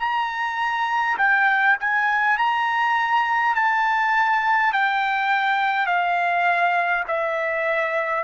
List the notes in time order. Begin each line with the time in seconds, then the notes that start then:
0.00 A#5
1.18 G5
1.80 G#5
2.38 A#5
3.56 A5
4.73 G5
5.86 F5
7.07 E5